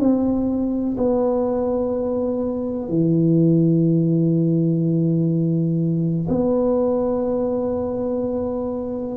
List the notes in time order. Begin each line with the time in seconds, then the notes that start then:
0.00 C4
0.97 B3
2.89 E3
6.29 B3